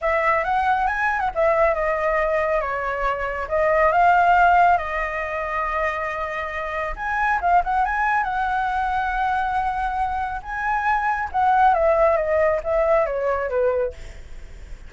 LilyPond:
\new Staff \with { instrumentName = "flute" } { \time 4/4 \tempo 4 = 138 e''4 fis''4 gis''8. fis''16 e''4 | dis''2 cis''2 | dis''4 f''2 dis''4~ | dis''1 |
gis''4 f''8 fis''8 gis''4 fis''4~ | fis''1 | gis''2 fis''4 e''4 | dis''4 e''4 cis''4 b'4 | }